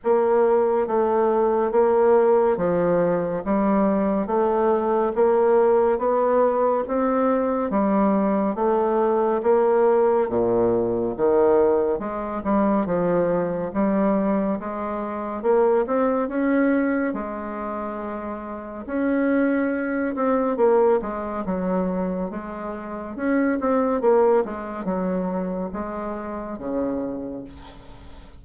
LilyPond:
\new Staff \with { instrumentName = "bassoon" } { \time 4/4 \tempo 4 = 70 ais4 a4 ais4 f4 | g4 a4 ais4 b4 | c'4 g4 a4 ais4 | ais,4 dis4 gis8 g8 f4 |
g4 gis4 ais8 c'8 cis'4 | gis2 cis'4. c'8 | ais8 gis8 fis4 gis4 cis'8 c'8 | ais8 gis8 fis4 gis4 cis4 | }